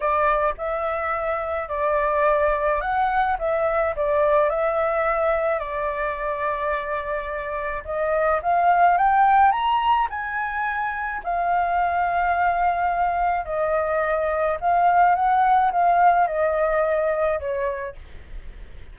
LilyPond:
\new Staff \with { instrumentName = "flute" } { \time 4/4 \tempo 4 = 107 d''4 e''2 d''4~ | d''4 fis''4 e''4 d''4 | e''2 d''2~ | d''2 dis''4 f''4 |
g''4 ais''4 gis''2 | f''1 | dis''2 f''4 fis''4 | f''4 dis''2 cis''4 | }